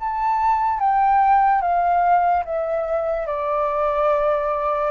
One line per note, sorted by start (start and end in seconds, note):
0.00 0.80 A5
0.80 1.62 G5
1.62 2.44 F5
2.45 3.27 E5
3.27 4.91 D5